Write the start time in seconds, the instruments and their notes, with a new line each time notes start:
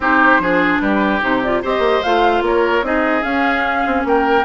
0.00 bassoon C4, clarinet D#4, oboe G4, flute C5
0.38 bassoon F3, clarinet D4, oboe G#4
0.80 bassoon G3, oboe G4, flute B4
1.21 bassoon C3, clarinet D#4, flute C5
1.42 clarinet F4, flute D5
1.62 bassoon C4, clarinet G4, oboe C5, flute D#5
1.78 bassoon A#3
2.02 bassoon A3, clarinet F4, flute F5
2.41 bassoon A#3, oboe A#4, flute C#5
2.82 bassoon C4, clarinet D#4, oboe G#4, flute D#5
3.21 clarinet C#4, bassoon C#4, flute F5
3.86 bassoon C4
4.04 bassoon A#3, oboe A#4, flute G5